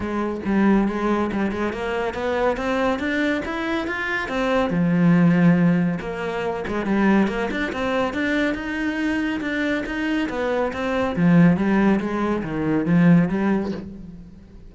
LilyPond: \new Staff \with { instrumentName = "cello" } { \time 4/4 \tempo 4 = 140 gis4 g4 gis4 g8 gis8 | ais4 b4 c'4 d'4 | e'4 f'4 c'4 f4~ | f2 ais4. gis8 |
g4 ais8 d'8 c'4 d'4 | dis'2 d'4 dis'4 | b4 c'4 f4 g4 | gis4 dis4 f4 g4 | }